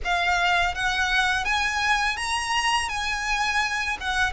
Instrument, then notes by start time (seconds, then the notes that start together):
violin
0.04 F5
0.74 F#5
1.45 G#5
2.16 A#5
2.88 G#5
4.00 F#5